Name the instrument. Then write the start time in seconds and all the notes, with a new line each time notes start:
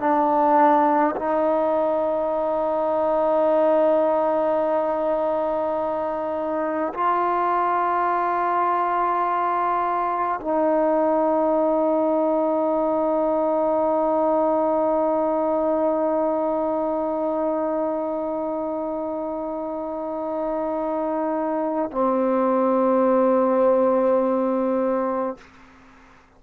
trombone
0.00 D4
1.16 D#4
6.94 F4
10.41 D#4
21.92 C4